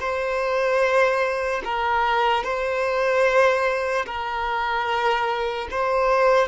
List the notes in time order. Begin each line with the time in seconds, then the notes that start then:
0.00 C5
1.65 A#4
2.44 C5
4.06 A#4
5.71 C5